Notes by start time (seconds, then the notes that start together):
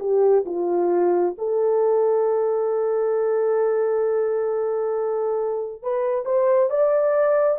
0.00 G4
0.46 F4
1.38 A4
5.82 B4
6.25 C5
6.70 D5